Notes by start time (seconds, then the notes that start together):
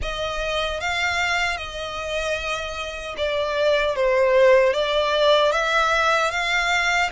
0.01 D#5
0.80 F5
1.57 D#5
3.17 D5
3.95 C5
4.73 D5
5.52 E5
6.31 F5